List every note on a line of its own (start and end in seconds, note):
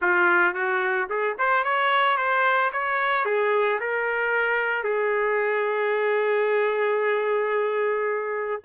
0.01 0.54 F4
0.54 1.08 F#4
1.09 1.36 G#4
1.38 1.64 C5
1.64 2.17 C#5
2.17 2.71 C5
2.72 3.25 C#5
3.25 3.79 G#4
3.80 4.83 A#4
4.83 8.62 G#4